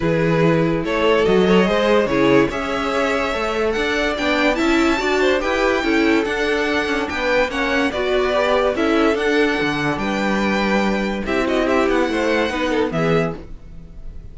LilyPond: <<
  \new Staff \with { instrumentName = "violin" } { \time 4/4 \tempo 4 = 144 b'2 cis''4 dis''4~ | dis''4 cis''4 e''2~ | e''4 fis''4 g''4 a''4~ | a''4 g''2 fis''4~ |
fis''4 g''4 fis''4 d''4~ | d''4 e''4 fis''2 | g''2. e''8 dis''8 | e''8 fis''2~ fis''8 e''4 | }
  \new Staff \with { instrumentName = "violin" } { \time 4/4 gis'2 a'4. cis''8 | c''4 gis'4 cis''2~ | cis''4 d''2 e''4 | d''8 c''8 b'4 a'2~ |
a'4 b'4 cis''4 b'4~ | b'4 a'2. | b'2. g'8 fis'8 | g'4 c''4 b'8 a'8 gis'4 | }
  \new Staff \with { instrumentName = "viola" } { \time 4/4 e'2. fis'8 a'8 | gis'4 e'4 gis'2 | a'2 d'4 e'4 | fis'4 g'4 e'4 d'4~ |
d'2 cis'4 fis'4 | g'4 e'4 d'2~ | d'2. e'4~ | e'2 dis'4 b4 | }
  \new Staff \with { instrumentName = "cello" } { \time 4/4 e2 a4 fis4 | gis4 cis4 cis'2 | a4 d'4 b4 cis'4 | d'4 e'4 cis'4 d'4~ |
d'8 cis'8 b4 ais4 b4~ | b4 cis'4 d'4 d4 | g2. c'4~ | c'8 b8 a4 b4 e4 | }
>>